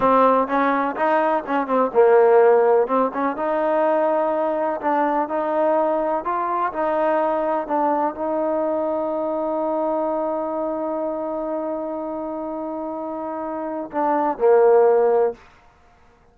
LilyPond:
\new Staff \with { instrumentName = "trombone" } { \time 4/4 \tempo 4 = 125 c'4 cis'4 dis'4 cis'8 c'8 | ais2 c'8 cis'8 dis'4~ | dis'2 d'4 dis'4~ | dis'4 f'4 dis'2 |
d'4 dis'2.~ | dis'1~ | dis'1~ | dis'4 d'4 ais2 | }